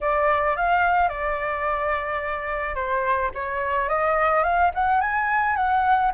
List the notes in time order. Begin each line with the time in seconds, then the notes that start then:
0.00 D5
0.56 F5
1.08 D5
2.75 C5
3.34 C#5
3.89 D#5
4.43 F5
4.74 F#5
5.01 G#5
5.56 F#5